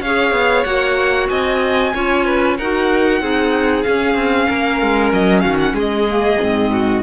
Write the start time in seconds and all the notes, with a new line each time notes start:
0.00 C#4 G#4 C#5 F5
0.32 B3
0.64 A#3 F#4 F#5
1.29 C4 D#5 G#5
1.94 C#4 F4 C#5
2.25 B4
2.57 D#4 F#4 A#4 F#5
3.20 C4 D#4 G#4
3.82 C#4 F5
4.14 C4
4.48 A#3 A#4
4.81 G#3
5.12 F#3 D#5
5.40 D#3 F#4 F5
5.59 F#5
5.73 G#3 G#4
5.79 D#5
6.08 A#3
6.39 G#2 C4
6.72 F#4